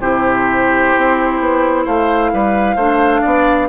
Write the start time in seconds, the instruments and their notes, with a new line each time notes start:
0.00 bassoon C3, clarinet E4, oboe G4, flute C5
0.97 bassoon C4
1.40 bassoon B3
1.84 bassoon A3, oboe C5, flute F5
2.33 bassoon G3, oboe B4
2.76 bassoon A3, clarinet D4, oboe C5
3.21 bassoon B3, oboe D5